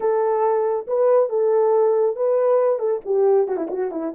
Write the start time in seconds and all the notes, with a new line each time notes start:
0.00 A4
0.87 B4
1.29 A4
2.16 B4
2.79 A4
3.05 G4
3.47 F#4
3.56 E4
3.70 F#4
3.91 E4